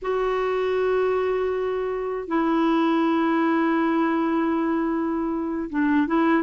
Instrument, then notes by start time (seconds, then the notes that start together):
clarinet
0.02 F#4
2.27 E4
5.69 D4
6.07 E4